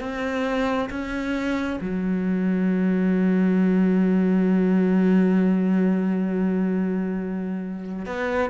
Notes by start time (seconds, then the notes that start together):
0.00 C4
0.90 C#4
1.81 F#3
8.06 B3